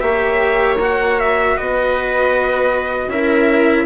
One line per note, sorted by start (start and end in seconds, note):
0.00 1.56 A#3
0.00 0.77 G4
0.00 1.57 C#5
0.00 0.77 E5
0.80 3.10 F#4
0.80 1.20 F#5
1.20 1.57 E5
1.57 3.08 B3
1.57 3.11 B4
1.57 3.10 D#5
3.08 3.85 C#4
3.08 3.86 E4
3.08 3.86 A#4
3.08 3.86 E5